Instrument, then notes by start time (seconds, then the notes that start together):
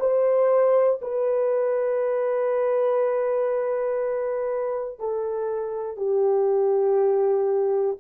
horn
0.00 C5
1.02 B4
4.99 A4
5.97 G4